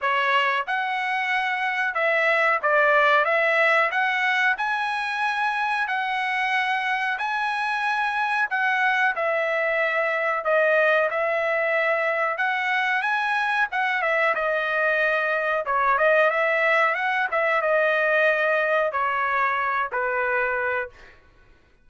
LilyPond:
\new Staff \with { instrumentName = "trumpet" } { \time 4/4 \tempo 4 = 92 cis''4 fis''2 e''4 | d''4 e''4 fis''4 gis''4~ | gis''4 fis''2 gis''4~ | gis''4 fis''4 e''2 |
dis''4 e''2 fis''4 | gis''4 fis''8 e''8 dis''2 | cis''8 dis''8 e''4 fis''8 e''8 dis''4~ | dis''4 cis''4. b'4. | }